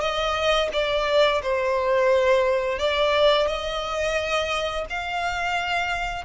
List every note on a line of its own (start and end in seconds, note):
0.00 0.69 D#5
0.72 1.41 D5
1.42 2.78 C5
2.78 3.47 D5
3.47 4.85 D#5
4.89 6.24 F5